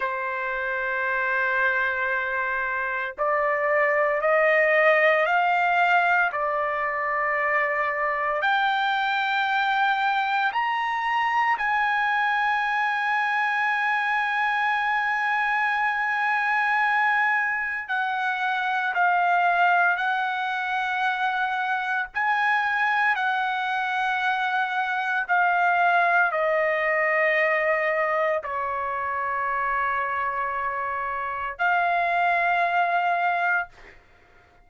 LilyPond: \new Staff \with { instrumentName = "trumpet" } { \time 4/4 \tempo 4 = 57 c''2. d''4 | dis''4 f''4 d''2 | g''2 ais''4 gis''4~ | gis''1~ |
gis''4 fis''4 f''4 fis''4~ | fis''4 gis''4 fis''2 | f''4 dis''2 cis''4~ | cis''2 f''2 | }